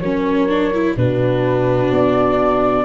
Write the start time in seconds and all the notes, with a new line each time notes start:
0.00 F#3 C#4 A#4 C#5
0.49 D4
0.74 E4
0.97 B2 D4 F#4 B4
1.91 B3 D5